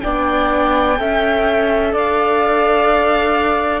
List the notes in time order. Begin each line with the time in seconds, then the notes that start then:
0.00 B3 D4 D5 G5
0.97 C#4 A4 E5
1.93 D4 D5 F5